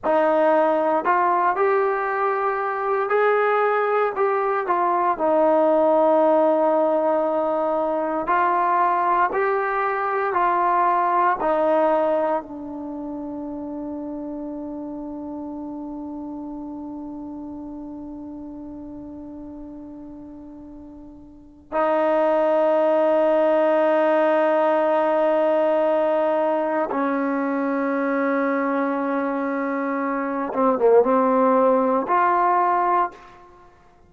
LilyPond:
\new Staff \with { instrumentName = "trombone" } { \time 4/4 \tempo 4 = 58 dis'4 f'8 g'4. gis'4 | g'8 f'8 dis'2. | f'4 g'4 f'4 dis'4 | d'1~ |
d'1~ | d'4 dis'2.~ | dis'2 cis'2~ | cis'4. c'16 ais16 c'4 f'4 | }